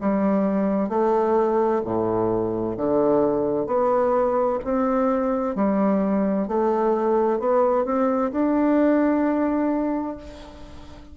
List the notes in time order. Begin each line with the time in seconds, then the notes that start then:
0.00 G3
0.89 A3
1.84 A2
2.77 D3
3.66 B3
4.64 C4
5.55 G3
6.48 A3
7.39 B3
7.85 C4
8.32 D4